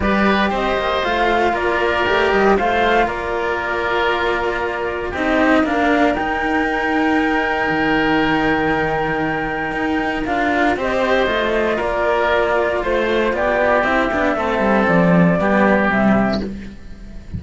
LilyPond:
<<
  \new Staff \with { instrumentName = "flute" } { \time 4/4 \tempo 4 = 117 d''4 dis''4 f''4 d''4~ | d''8 dis''8 f''4 d''2~ | d''2 dis''4 f''4 | g''1~ |
g''1 | f''4 dis''2 d''4~ | d''4 c''4 d''4 e''4~ | e''4 d''2 e''4 | }
  \new Staff \with { instrumentName = "oboe" } { \time 4/4 b'4 c''2 ais'4~ | ais'4 c''4 ais'2~ | ais'2 g'4 ais'4~ | ais'1~ |
ais'1~ | ais'4 c''2 ais'4~ | ais'4 c''4 g'2 | a'2 g'2 | }
  \new Staff \with { instrumentName = "cello" } { \time 4/4 g'2 f'2 | g'4 f'2.~ | f'2 dis'4 d'4 | dis'1~ |
dis'1 | f'4 g'4 f'2~ | f'2. e'8 d'8 | c'2 b4 g4 | }
  \new Staff \with { instrumentName = "cello" } { \time 4/4 g4 c'8 ais8 a4 ais4 | a8 g8 a4 ais2~ | ais2 c'4 ais4 | dis'2. dis4~ |
dis2. dis'4 | d'4 c'4 a4 ais4~ | ais4 a4 b4 c'8 b8 | a8 g8 f4 g4 c4 | }
>>